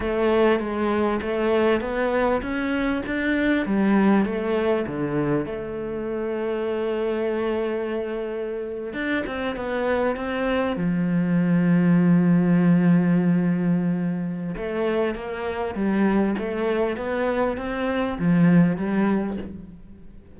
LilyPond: \new Staff \with { instrumentName = "cello" } { \time 4/4 \tempo 4 = 99 a4 gis4 a4 b4 | cis'4 d'4 g4 a4 | d4 a2.~ | a2~ a8. d'8 c'8 b16~ |
b8. c'4 f2~ f16~ | f1 | a4 ais4 g4 a4 | b4 c'4 f4 g4 | }